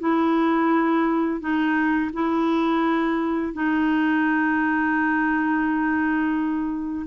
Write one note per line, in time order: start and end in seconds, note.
0.00 1.41 E4
1.41 2.11 D#4
2.13 3.54 E4
3.54 7.07 D#4